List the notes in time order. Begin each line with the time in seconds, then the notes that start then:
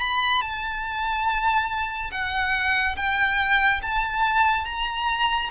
0.00 B5
0.41 A5
2.11 F#5
2.97 G5
3.82 A5
4.65 A#5